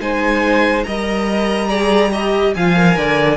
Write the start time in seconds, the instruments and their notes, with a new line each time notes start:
0.00 cello G#3, viola D#4, violin C5 G#5
0.84 cello G3, viola A#4, violin D#5 A#5
1.69 viola G#4, violin D5
2.12 viola G4, violin D#5
2.55 cello F3, viola F4, violin F5 G#5
2.76 viola A#4
2.97 cello D3, violin D5